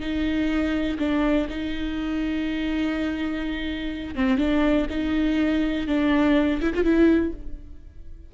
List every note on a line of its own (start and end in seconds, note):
0.00 0.98 D#4
0.99 1.47 D4
1.49 4.15 D#4
4.15 4.38 C4
4.38 4.87 D4
4.90 5.87 D#4
5.87 6.60 D4
6.61 6.73 E4
6.74 6.83 F4
6.83 7.32 E4